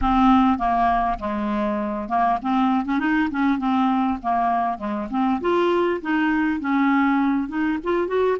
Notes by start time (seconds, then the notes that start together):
0.01 C4
0.58 A#3
1.19 G#3
2.08 A#3
2.42 C4
2.85 C#4
2.99 D#4
3.30 C#4
3.58 C4
4.22 A#3
4.78 G#3
5.10 C4
5.40 F4
6.01 D#4
6.60 C#4
7.48 D#4
7.83 F4
8.07 F#4